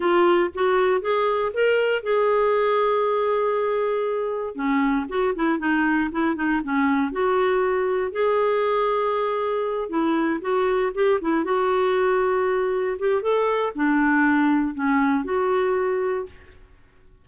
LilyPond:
\new Staff \with { instrumentName = "clarinet" } { \time 4/4 \tempo 4 = 118 f'4 fis'4 gis'4 ais'4 | gis'1~ | gis'4 cis'4 fis'8 e'8 dis'4 | e'8 dis'8 cis'4 fis'2 |
gis'2.~ gis'8 e'8~ | e'8 fis'4 g'8 e'8 fis'4.~ | fis'4. g'8 a'4 d'4~ | d'4 cis'4 fis'2 | }